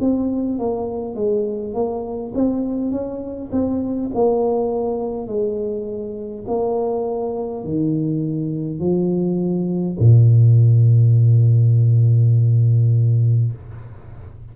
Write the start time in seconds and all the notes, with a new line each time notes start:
0.00 C4
0.58 A#3
1.15 G#3
1.73 A#3
2.34 C4
2.91 C#4
3.51 C4
4.14 A#3
5.27 G#3
6.47 A#3
7.64 D#3
8.79 F3
9.99 A#2